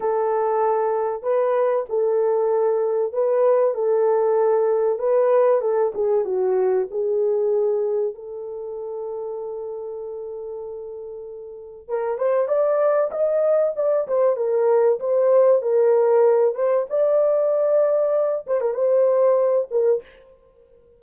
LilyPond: \new Staff \with { instrumentName = "horn" } { \time 4/4 \tempo 4 = 96 a'2 b'4 a'4~ | a'4 b'4 a'2 | b'4 a'8 gis'8 fis'4 gis'4~ | gis'4 a'2.~ |
a'2. ais'8 c''8 | d''4 dis''4 d''8 c''8 ais'4 | c''4 ais'4. c''8 d''4~ | d''4. c''16 ais'16 c''4. ais'8 | }